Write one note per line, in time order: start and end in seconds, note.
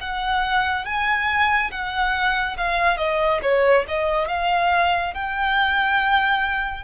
0.00 0.85 F#5
0.85 1.71 G#5
1.71 2.56 F#5
2.57 2.97 F5
2.97 3.40 D#5
3.42 3.85 C#5
3.88 4.28 D#5
4.28 5.14 F5
5.14 6.83 G5